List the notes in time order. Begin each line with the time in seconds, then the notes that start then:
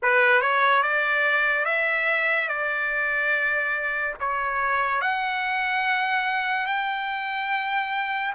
0.02 B4
0.41 C#5
0.83 D5
1.65 E5
2.48 D5
4.19 C#5
5.01 F#5
6.66 G5